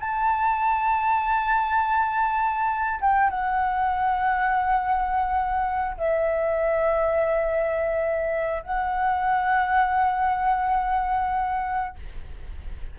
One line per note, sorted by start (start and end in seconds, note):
0.00 3.00 A5
3.01 3.30 G5
3.30 5.96 F#5
5.97 8.62 E5
8.62 11.96 F#5